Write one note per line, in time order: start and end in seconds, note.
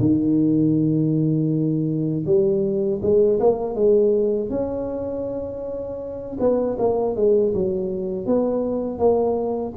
0.00 2.25 D#3
2.26 3.01 G3
3.02 3.40 G#3
3.40 3.75 A#3
3.75 4.50 G#3
4.50 6.38 C#4
6.40 6.77 B3
6.79 7.16 A#3
7.16 7.54 G#3
7.54 8.27 F#3
8.27 8.99 B3
8.99 9.74 A#3